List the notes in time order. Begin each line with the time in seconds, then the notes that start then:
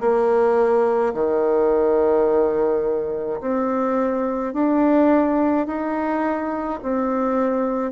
0.00 A#3
1.14 D#3
3.40 C4
4.53 D4
5.67 D#4
6.82 C4